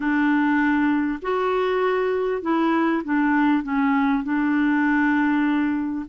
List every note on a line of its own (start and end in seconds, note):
0.00 1.19 D4
1.21 2.42 F#4
2.42 3.02 E4
3.04 3.63 D4
3.63 4.23 C#4
4.23 6.05 D4